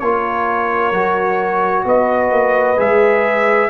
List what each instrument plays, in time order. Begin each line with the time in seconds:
0.00 tuba A#3, trombone F4, horn A#4, trumpet C#5
0.92 tuba F#3, trombone F#4
1.85 tuba B3, horn B4, trumpet D#5
2.31 tuba A#3
2.78 tuba G#3, trombone G#4, trumpet E5